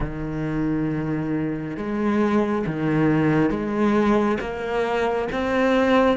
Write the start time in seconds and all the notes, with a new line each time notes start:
0.00 D#3
1.76 G#3
2.66 D#3
3.49 G#3
4.40 A#3
5.31 C4